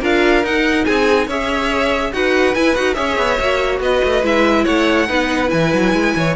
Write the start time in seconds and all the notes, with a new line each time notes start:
0.00 D4 F4 A#4 F5
0.43 D#4 F#5
0.84 C4 G#4 G#5
1.26 C#4 G#4 C#5 E5
2.12 D#4 F#4 B4 F#5
2.54 E4 G#5
2.75 D#4 F#4 F#5
2.93 C#4 G#4 C#5 E5
3.17 B3
3.40 A#3 F#4
3.80 B3 B4 D#5
4.04 A3
4.22 G#3 E4 E5
4.64 A3 C#5 F#5
5.07 B3 D#4 B4
5.46 E3 E4 G#5
5.73 F#3
5.92 G#3
6.16 E3 C#5